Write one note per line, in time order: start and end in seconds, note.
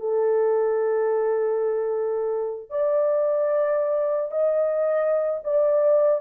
0.00 2.70 A4
2.70 4.32 D5
4.32 5.40 D#5
5.44 6.21 D5